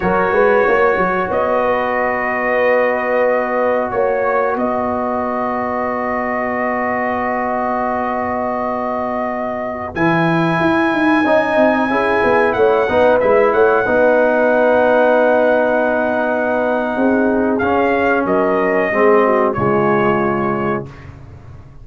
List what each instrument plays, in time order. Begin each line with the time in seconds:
0.00 tuba F#3, trombone F#4, horn A#4, trumpet C#5
0.31 tuba G#3, horn B4
0.64 tuba A#3, horn C#5
0.96 tuba F#3
1.30 tuba B3, trumpet D#5
1.64 horn B4
3.90 tuba A#3, trumpet C#5, horn C#5
4.56 tuba B3, horn B4, trumpet D#5
9.94 tuba E3, trombone E4, trumpet G#5
10.60 tuba E4
10.92 tuba D#4
11.24 tuba C#4, trombone D#4, horn D#5
11.56 tuba C4
11.88 tuba C#4, trombone E4, horn G#4
12.23 tuba B3
12.52 tuba A3, horn C#5, trumpet F#5
12.88 tuba B3, trombone D#4, horn B4
13.20 tuba G#3, trombone E4, trumpet E5
13.52 tuba A3, horn C#5, trumpet F#5
13.85 tuba B3, trombone D#4, horn B4
16.96 tuba C4, horn G#4
17.58 tuba C#4, trombone C#4, trumpet F5
18.25 tuba F#3, horn A#4, trumpet D#5
18.90 tuba G#3, trombone C4, horn G#4
19.24 horn F#4
19.53 tuba C#3, trombone G#3, horn F4, trumpet C#5